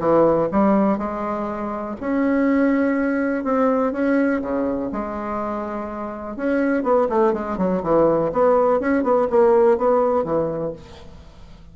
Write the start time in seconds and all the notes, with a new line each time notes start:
0.00 E3
0.52 G3
0.98 G#3
2.01 C#4
3.44 C4
3.93 C#4
4.42 C#3
4.92 G#3
6.37 C#4
6.83 B3
7.09 A3
7.33 G#3
7.58 F#3
7.83 E3
8.33 B3
8.80 C#4
9.04 B3
9.30 A#3
9.78 B3
10.24 E3